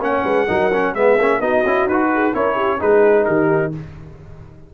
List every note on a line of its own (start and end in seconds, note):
0.00 0.23 A#3
0.00 0.48 C#4
0.00 0.24 C#5
0.00 0.95 F#5
0.24 0.47 G#3
0.24 0.47 B4
0.48 0.94 F#3
0.48 0.71 D#4
0.48 0.95 A#4
0.73 0.96 C#4
0.94 1.17 G#3
0.94 1.19 B3
0.94 1.40 G#4
0.94 1.41 E5
1.19 1.40 A#3
1.19 1.41 C#4
1.40 1.64 B3
1.40 1.65 D#4
1.40 2.10 F#4
1.40 1.88 D#5
1.65 1.86 C#4
1.65 1.90 E4
1.86 2.32 D#4
1.86 2.34 F#4
1.86 2.34 B4
2.13 2.34 G#4
2.34 2.82 C#4
2.34 2.79 E4
2.34 2.55 A#4
2.34 2.81 C#5
2.55 2.78 G4
2.79 3.28 G#3
2.79 3.72 D#4
2.79 3.26 G#4
2.79 3.25 B4
3.25 3.74 D#3
3.25 3.73 G4
3.25 3.72 A#4